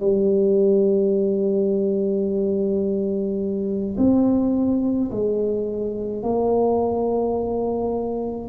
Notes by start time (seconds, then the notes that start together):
0.00 G3
3.98 C4
5.11 G#3
6.23 A#3